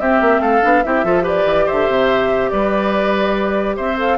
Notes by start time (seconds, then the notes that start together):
0.00 C4 G4 E5
0.21 A#3
0.40 A3 A4 F5
0.62 B3 D4
0.84 C4 E4 G4 E5
1.04 F3 F4 A4
1.22 G4 B4 D5
1.45 E3
1.66 D3 C5 E5
1.88 C3
2.50 G3 B4 D5
3.77 C4 C5 E5
3.98 A4 F5